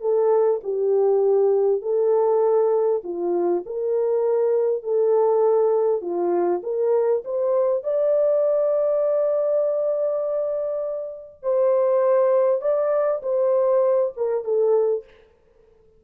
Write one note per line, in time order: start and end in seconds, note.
0.00 0.60 A4
0.63 1.81 G4
1.81 3.01 A4
3.04 3.64 F4
3.65 4.83 A#4
4.83 6.01 A4
6.01 6.61 F4
6.63 7.23 A#4
7.24 7.83 C5
7.83 11.42 D5
11.42 12.61 C5
12.61 13.21 D5
13.22 14.12 C5
14.16 14.44 A#4
14.44 15.04 A4